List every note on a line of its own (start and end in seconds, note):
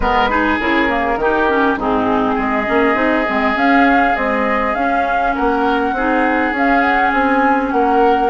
0.00 0.58 G#3
0.00 0.29 B3
0.00 0.29 A#4
0.00 0.58 B4
0.29 0.59 D#4
0.29 1.19 G#4
0.59 1.16 C#3
0.59 0.88 E4
0.59 1.78 A#4
0.88 1.18 A#3
1.16 1.75 D#3
1.16 1.48 D#4
1.16 1.79 G4
1.48 1.77 C#4
1.76 2.36 G#2
1.76 2.65 C4
1.76 2.34 D#4
1.76 2.40 G#4
2.34 2.67 G#3
2.34 5.31 G#4
2.34 3.57 D#5
2.65 2.95 A#3
2.65 2.94 C#4
2.94 3.24 C4
2.94 3.24 D#4
3.26 3.55 G#3
3.26 3.54 C4
3.54 4.14 C#4
3.54 4.15 F5
4.14 4.73 G#3
4.14 4.75 C4
4.14 4.74 D#5
4.74 5.34 C#4
4.74 5.96 C#4
4.74 5.34 F5
5.34 5.92 A#3
5.34 5.94 A#4
5.34 6.54 F#5
5.92 6.51 C4
5.92 6.54 D#4
5.92 7.74 G#4
6.51 7.11 C#4
6.51 8.30 C#4
6.51 6.81 F5
6.81 7.11 F#5
7.12 7.72 C4
7.12 7.71 G#5
7.71 8.30 A#3
7.71 8.30 A#4
7.71 8.30 F#5